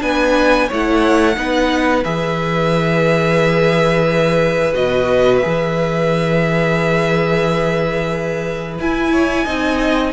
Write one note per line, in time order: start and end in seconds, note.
0.00 0.69 B3
0.00 0.67 D4
0.00 0.68 B4
0.00 0.69 G#5
0.68 1.37 A3
0.68 1.36 E4
0.68 1.35 C#5
0.68 2.04 F#5
1.36 2.04 B3
1.36 2.03 D#4
1.36 9.12 B4
2.04 4.74 E3
2.04 4.73 G#4
2.04 4.74 E5
4.73 5.42 B2
4.73 5.40 F#4
4.73 5.37 D#5
5.37 8.79 G#4
5.37 8.75 E5
5.45 8.79 E3
8.79 9.46 E4
8.79 10.12 G#5
9.12 9.45 C#5
9.45 10.12 C4
9.45 10.12 D#4
9.45 10.12 D#5